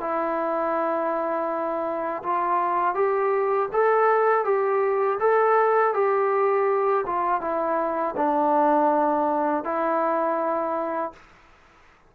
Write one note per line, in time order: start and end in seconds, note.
0.00 2.22 E4
2.23 2.95 F4
2.95 3.69 G4
3.72 4.44 A4
4.44 5.18 G4
5.19 5.93 A4
5.93 7.04 G4
7.06 7.41 F4
7.41 8.15 E4
8.16 9.64 D4
9.64 11.12 E4